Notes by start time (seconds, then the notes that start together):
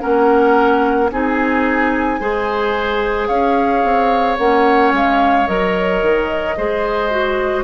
0.00 A#3 C#4 A#4 F#5
1.12 C4 D#4 G#4 G#5
2.20 G#3 G#4 C5
3.28 C#4 C#5 F5
3.84 C4
4.38 A#3 C#4 F#5
4.93 G#3 F5
5.48 F#3 A#4 D#5
6.02 D#3
6.57 G#3 G#4 C5
7.11 F#4